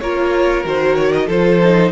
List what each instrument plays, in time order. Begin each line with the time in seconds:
0.00 cello A#3, viola F4, violin A#4 C#5
0.64 cello D#3, viola F#4, violin C5
0.96 violin C#5
1.12 violin D#5
1.27 cello F3, viola F4, violin A4 C5
1.63 viola D#4